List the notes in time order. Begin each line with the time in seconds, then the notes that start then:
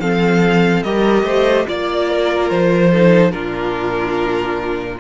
0.00 F3 C4 A4 F5
0.83 G3 G4 A#4 D#5
1.23 A3 C5
1.67 A#3 F4 D5
2.10 A#4
2.50 F3 C5
2.92 D#4 A4
3.31 A#2 D4 F4 A#4